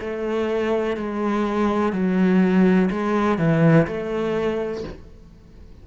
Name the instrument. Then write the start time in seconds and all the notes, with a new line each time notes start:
cello
0.00 A3
0.96 G#3
1.92 F#3
2.90 G#3
3.38 E3
3.87 A3